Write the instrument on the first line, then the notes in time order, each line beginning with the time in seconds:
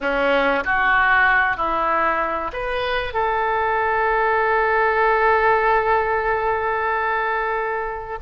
oboe
0.01 C#4
0.64 F#4
1.56 E4
2.53 B4
3.13 A4